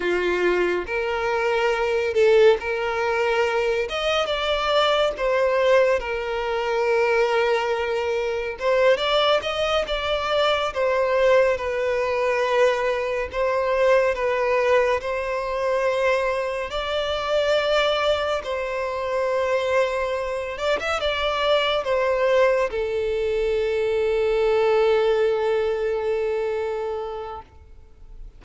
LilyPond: \new Staff \with { instrumentName = "violin" } { \time 4/4 \tempo 4 = 70 f'4 ais'4. a'8 ais'4~ | ais'8 dis''8 d''4 c''4 ais'4~ | ais'2 c''8 d''8 dis''8 d''8~ | d''8 c''4 b'2 c''8~ |
c''8 b'4 c''2 d''8~ | d''4. c''2~ c''8 | d''16 e''16 d''4 c''4 a'4.~ | a'1 | }